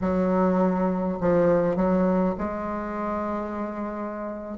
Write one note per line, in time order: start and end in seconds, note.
0.01 1.18 F#3
1.20 1.76 F3
1.76 2.34 F#3
2.38 4.57 G#3